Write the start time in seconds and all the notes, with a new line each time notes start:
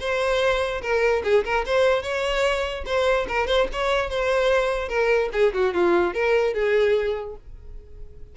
0.00 C5
0.82 A#4
1.24 G#4
1.45 A#4
1.66 C5
2.03 C#5
2.86 C5
3.28 A#4
3.47 C5
3.73 C#5
4.10 C5
4.89 A#4
5.33 G#4
5.54 F#4
5.74 F4
6.14 A#4
6.54 G#4